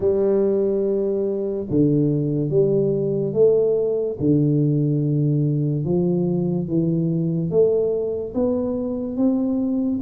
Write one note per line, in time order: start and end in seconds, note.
0.00 1.66 G3
1.70 2.49 D3
2.49 3.33 G3
3.33 4.16 A3
4.19 5.84 D3
5.84 6.67 F3
6.67 7.50 E3
7.50 8.33 A3
8.34 9.16 B3
9.16 10.00 C4